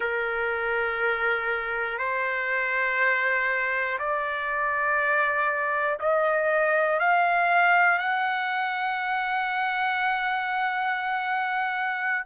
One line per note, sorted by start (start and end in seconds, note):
0.00 1.98 A#4
1.98 3.98 C5
3.99 5.99 D5
5.99 6.99 D#5
7.00 7.99 F5
7.99 12.24 F#5